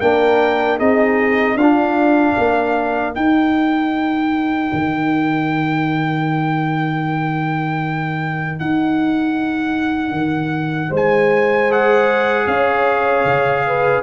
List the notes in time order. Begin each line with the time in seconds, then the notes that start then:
0.00 A#3 D4 A#4 G5
0.78 C4 D#4 G#4 D#5
1.55 D4 F4 F5
1.61 D4
2.35 A#3 A#4
3.14 D#4 G5
4.72 D#3
8.59 D#4 F#5
10.12 D#3
10.89 G#3 C5
10.96 G#5
11.70 G#4 F#5
12.47 C#4 C#5 F5
13.24 C#3
13.67 B4